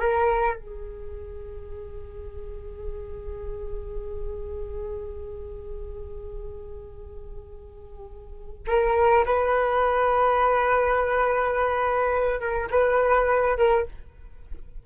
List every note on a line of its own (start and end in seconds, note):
0.00 0.57 A#4
0.57 8.65 G#4
8.67 9.25 A#4
9.26 12.40 B4
12.40 12.69 A#4
12.71 13.58 B4
13.58 13.86 A#4